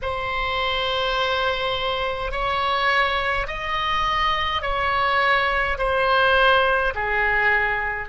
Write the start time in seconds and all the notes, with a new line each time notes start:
0.02 C5
2.31 C#5
3.47 D#5
4.62 C#5
5.77 C5
6.94 G#4